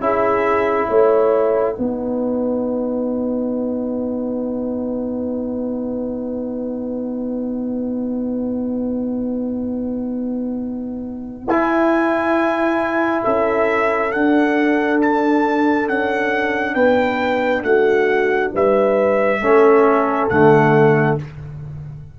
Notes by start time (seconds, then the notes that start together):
0.00 C#4 E4 G#4 E5
0.88 A3 C#5 F#5
1.75 B3 D#4 B4
11.47 E4 G#5
13.23 C#4 A4 E5
14.11 D4 F#5
15.01 A5
15.88 C#4 F#5
16.74 B3 B4 G5
17.63 A3 F#4 F#5
18.54 G3 B4 E5
19.40 A3 C#4 A4
20.29 D3 A3 F#5